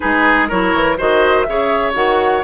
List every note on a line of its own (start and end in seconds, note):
0.00 0.51 G#3
0.00 0.48 D#4
0.00 0.48 G#4
0.00 0.48 B4
0.48 0.73 F#3
0.48 0.97 E4
0.48 0.97 A#4
0.48 0.98 C#5
0.73 0.98 E3
0.97 1.47 D#3
0.97 1.46 F#4
0.97 1.46 C5
0.97 1.42 D#5
1.42 1.95 C#3
1.42 1.93 G#4
1.42 1.91 E5
1.49 2.43 C#5
1.93 2.43 D#3
1.93 2.42 F#4
1.93 2.43 F#5